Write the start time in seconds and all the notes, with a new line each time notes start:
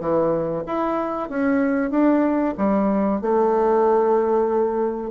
0.00 E3
0.66 E4
1.29 C#4
1.90 D4
2.57 G3
3.21 A3